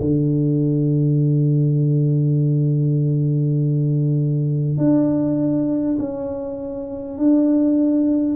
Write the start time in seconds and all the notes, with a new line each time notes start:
0.00 D3
4.78 D4
5.98 C#4
7.18 D4